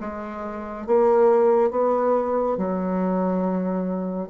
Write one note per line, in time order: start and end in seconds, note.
0.00 0.87 G#3
0.87 1.70 A#3
1.70 2.57 B3
2.57 4.29 F#3